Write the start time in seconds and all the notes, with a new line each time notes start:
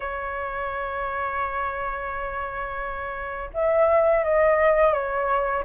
0.00 C#5
3.53 E5
4.24 D#5
4.93 C#5